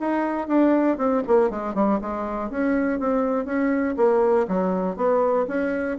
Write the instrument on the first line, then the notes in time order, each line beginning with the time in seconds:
bassoon
0.00 D#4
0.48 D4
0.98 C4
1.27 A#3
1.50 G#3
1.75 G3
2.01 G#3
2.50 C#4
3.00 C4
3.45 C#4
3.97 A#3
4.48 F#3
4.97 B3
5.48 C#4